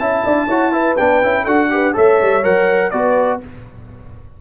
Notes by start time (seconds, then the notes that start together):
0.00 C#4 E4 E5 A5
0.25 D4 D5
0.47 E4 F#4 C#5
0.72 E4 B4
0.97 B3 D4 G5
1.23 C#4 E4
1.44 D4 F#4 A4 F#5
1.71 G4 B4
1.94 A3 A4 C#5 E5
2.22 G3
2.43 F#3 A#4 F#5
2.91 B3 F#4 B4 D5